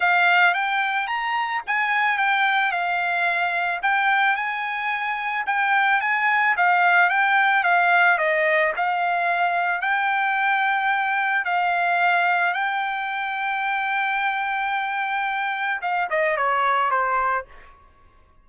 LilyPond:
\new Staff \with { instrumentName = "trumpet" } { \time 4/4 \tempo 4 = 110 f''4 g''4 ais''4 gis''4 | g''4 f''2 g''4 | gis''2 g''4 gis''4 | f''4 g''4 f''4 dis''4 |
f''2 g''2~ | g''4 f''2 g''4~ | g''1~ | g''4 f''8 dis''8 cis''4 c''4 | }